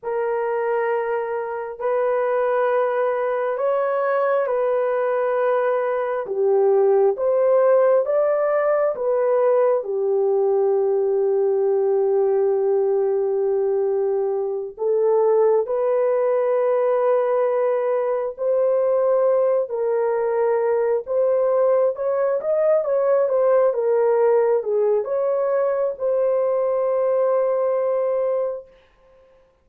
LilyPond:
\new Staff \with { instrumentName = "horn" } { \time 4/4 \tempo 4 = 67 ais'2 b'2 | cis''4 b'2 g'4 | c''4 d''4 b'4 g'4~ | g'1~ |
g'8 a'4 b'2~ b'8~ | b'8 c''4. ais'4. c''8~ | c''8 cis''8 dis''8 cis''8 c''8 ais'4 gis'8 | cis''4 c''2. | }